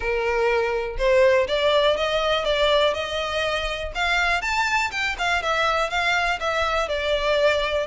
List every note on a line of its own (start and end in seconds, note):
0.00 0.97 A#4
0.97 1.47 C5
1.47 1.96 D5
1.96 2.45 D#5
2.45 2.94 D5
2.94 3.92 D#5
3.94 4.42 F5
4.42 4.90 A5
4.91 5.15 G5
5.18 5.42 F5
5.42 5.89 E5
5.89 6.39 F5
6.40 6.88 E5
6.88 7.86 D5